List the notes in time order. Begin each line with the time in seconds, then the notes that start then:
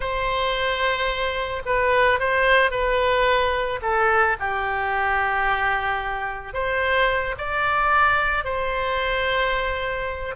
0.00 C5
1.65 B4
2.19 C5
2.70 B4
3.82 A4
4.39 G4
6.53 C5
7.38 D5
8.44 C5